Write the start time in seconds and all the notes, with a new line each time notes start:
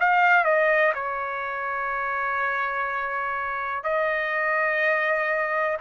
0.00 F5
0.44 D#5
0.95 C#5
3.84 D#5